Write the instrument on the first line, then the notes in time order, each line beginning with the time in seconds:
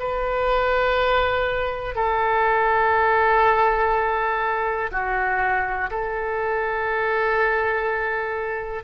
oboe
0.00 B4
1.96 A4
4.92 F#4
5.91 A4